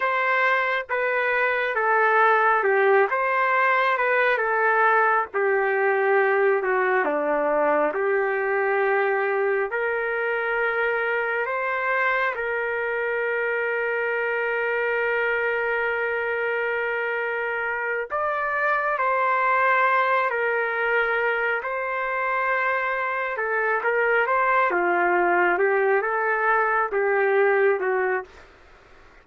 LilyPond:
\new Staff \with { instrumentName = "trumpet" } { \time 4/4 \tempo 4 = 68 c''4 b'4 a'4 g'8 c''8~ | c''8 b'8 a'4 g'4. fis'8 | d'4 g'2 ais'4~ | ais'4 c''4 ais'2~ |
ais'1~ | ais'8 d''4 c''4. ais'4~ | ais'8 c''2 a'8 ais'8 c''8 | f'4 g'8 a'4 g'4 fis'8 | }